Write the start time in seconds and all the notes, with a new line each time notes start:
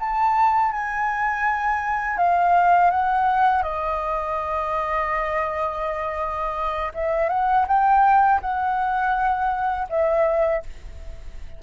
0.00 A5
0.72 G#5
2.18 F5
2.91 F#5
3.63 D#5
6.94 E5
7.29 F#5
7.68 G5
8.41 F#5
9.90 E5